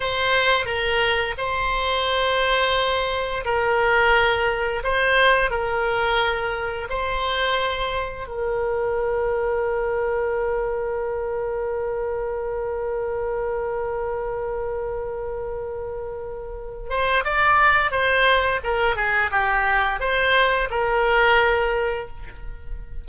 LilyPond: \new Staff \with { instrumentName = "oboe" } { \time 4/4 \tempo 4 = 87 c''4 ais'4 c''2~ | c''4 ais'2 c''4 | ais'2 c''2 | ais'1~ |
ais'1~ | ais'1~ | ais'8 c''8 d''4 c''4 ais'8 gis'8 | g'4 c''4 ais'2 | }